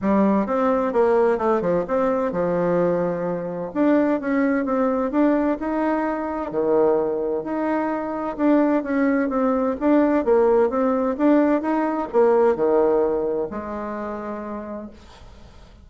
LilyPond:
\new Staff \with { instrumentName = "bassoon" } { \time 4/4 \tempo 4 = 129 g4 c'4 ais4 a8 f8 | c'4 f2. | d'4 cis'4 c'4 d'4 | dis'2 dis2 |
dis'2 d'4 cis'4 | c'4 d'4 ais4 c'4 | d'4 dis'4 ais4 dis4~ | dis4 gis2. | }